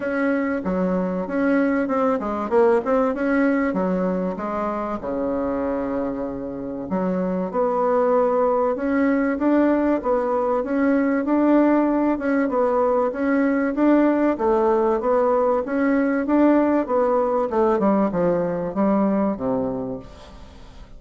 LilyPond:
\new Staff \with { instrumentName = "bassoon" } { \time 4/4 \tempo 4 = 96 cis'4 fis4 cis'4 c'8 gis8 | ais8 c'8 cis'4 fis4 gis4 | cis2. fis4 | b2 cis'4 d'4 |
b4 cis'4 d'4. cis'8 | b4 cis'4 d'4 a4 | b4 cis'4 d'4 b4 | a8 g8 f4 g4 c4 | }